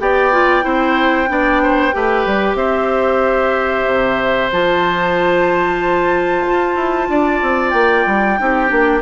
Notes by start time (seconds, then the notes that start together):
0.00 B3 G4 D5 G5
0.32 F4
0.62 C4 E4 C5
1.28 B3 D4 D5
1.63 C5
1.93 A3 G4 B4
2.26 G3
2.55 C4 C5 E5
3.87 C3
4.52 F3 F4 A5
6.47 F4
6.76 E4
7.09 D4 D5
7.42 C4
7.70 A#3 G5
8.06 G3
8.39 C4 D#4 G4
8.68 A#3 D4